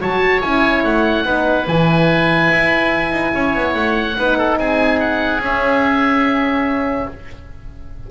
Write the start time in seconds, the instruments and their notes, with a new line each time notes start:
0.00 double bass F#3, horn F#4, oboe C#5 A5
0.41 double bass C#4, horn E4, oboe G#5
0.84 double bass A3, oboe F#5
1.25 double bass B3, horn D#4, oboe B4
1.67 double bass E3, horn E4, oboe G#5
2.51 double bass E4
3.11 double bass D#4
3.34 double bass C#4, oboe C#5
3.55 double bass B3
3.74 double bass A3, oboe F#5
4.17 double bass B3, horn D#4, oboe B4
4.37 oboe A4
4.57 double bass C4, oboe G#4 G#5
4.99 oboe F#5
5.39 double bass C#4, horn C#4, oboe E5